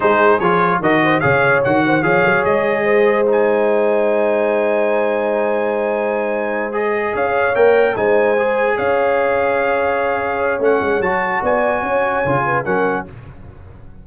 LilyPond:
<<
  \new Staff \with { instrumentName = "trumpet" } { \time 4/4 \tempo 4 = 147 c''4 cis''4 dis''4 f''4 | fis''4 f''4 dis''2 | gis''1~ | gis''1~ |
gis''8 dis''4 f''4 g''4 gis''8~ | gis''4. f''2~ f''8~ | f''2 fis''4 a''4 | gis''2. fis''4 | }
  \new Staff \with { instrumentName = "horn" } { \time 4/4 gis'2 ais'8 c''8 cis''4~ | cis''8 c''8 cis''2 c''4~ | c''1~ | c''1~ |
c''4. cis''2 c''8~ | c''4. cis''2~ cis''8~ | cis''1 | d''4 cis''4. b'8 ais'4 | }
  \new Staff \with { instrumentName = "trombone" } { \time 4/4 dis'4 f'4 fis'4 gis'4 | fis'4 gis'2. | dis'1~ | dis'1~ |
dis'8 gis'2 ais'4 dis'8~ | dis'8 gis'2.~ gis'8~ | gis'2 cis'4 fis'4~ | fis'2 f'4 cis'4 | }
  \new Staff \with { instrumentName = "tuba" } { \time 4/4 gis4 f4 dis4 cis4 | dis4 f8 fis8 gis2~ | gis1~ | gis1~ |
gis4. cis'4 ais4 gis8~ | gis4. cis'2~ cis'8~ | cis'2 a8 gis8 fis4 | b4 cis'4 cis4 fis4 | }
>>